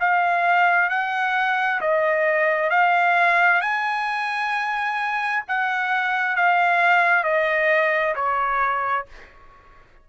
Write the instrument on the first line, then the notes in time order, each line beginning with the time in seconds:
trumpet
0.00 F5
0.89 F#5
1.81 D#5
2.70 F5
3.61 G#5
5.48 F#5
6.36 F5
7.24 D#5
8.15 C#5